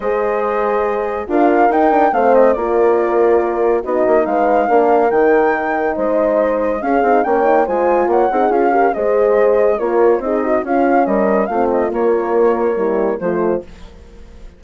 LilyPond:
<<
  \new Staff \with { instrumentName = "flute" } { \time 4/4 \tempo 4 = 141 dis''2. f''4 | g''4 f''8 dis''8 d''2~ | d''4 dis''4 f''2 | g''2 dis''2 |
f''4 g''4 gis''4 fis''4 | f''4 dis''2 cis''4 | dis''4 f''4 dis''4 f''8 dis''8 | cis''2. c''4 | }
  \new Staff \with { instrumentName = "horn" } { \time 4/4 c''2. ais'4~ | ais'4 c''4 ais'2~ | ais'4 fis'4 b'4 ais'4~ | ais'2 c''2 |
gis'4 cis''4 c''4 cis''8 gis'8~ | gis'8 ais'8 c''2 ais'4 | gis'8 fis'8 f'4 ais'4 f'4~ | f'2 e'4 f'4 | }
  \new Staff \with { instrumentName = "horn" } { \time 4/4 gis'2. f'4 | dis'8 d'8 c'4 f'2~ | f'4 dis'2 d'4 | dis'1 |
cis'8 dis'8 cis'8 dis'8 f'4. dis'8 | f'8 g'8 gis'2 f'4 | dis'4 cis'2 c'4 | ais2 g4 a4 | }
  \new Staff \with { instrumentName = "bassoon" } { \time 4/4 gis2. d'4 | dis'4 a4 ais2~ | ais4 b8 ais8 gis4 ais4 | dis2 gis2 |
cis'8 c'8 ais4 gis4 ais8 c'8 | cis'4 gis2 ais4 | c'4 cis'4 g4 a4 | ais2. f4 | }
>>